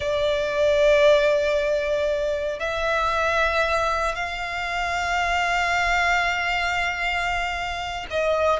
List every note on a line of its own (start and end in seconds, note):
0.00 2.59 D5
2.59 4.15 E5
4.15 8.06 F5
8.10 8.59 D#5